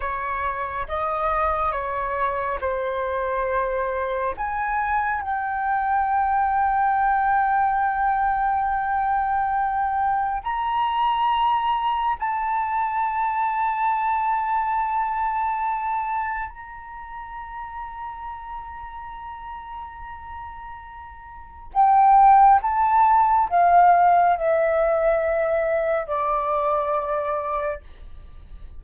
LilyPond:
\new Staff \with { instrumentName = "flute" } { \time 4/4 \tempo 4 = 69 cis''4 dis''4 cis''4 c''4~ | c''4 gis''4 g''2~ | g''1 | ais''2 a''2~ |
a''2. ais''4~ | ais''1~ | ais''4 g''4 a''4 f''4 | e''2 d''2 | }